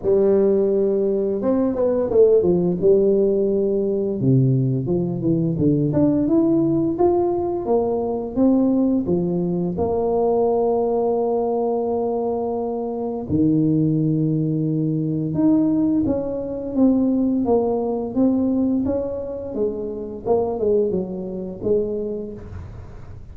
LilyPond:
\new Staff \with { instrumentName = "tuba" } { \time 4/4 \tempo 4 = 86 g2 c'8 b8 a8 f8 | g2 c4 f8 e8 | d8 d'8 e'4 f'4 ais4 | c'4 f4 ais2~ |
ais2. dis4~ | dis2 dis'4 cis'4 | c'4 ais4 c'4 cis'4 | gis4 ais8 gis8 fis4 gis4 | }